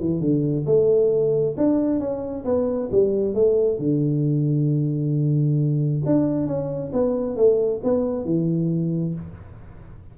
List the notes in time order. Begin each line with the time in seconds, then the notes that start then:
0.00 E3
0.21 D3
0.67 A3
1.58 D4
2.00 C#4
2.45 B3
2.92 G3
3.35 A3
3.79 D3
6.06 D4
6.47 C#4
6.93 B3
7.37 A3
7.84 B3
8.26 E3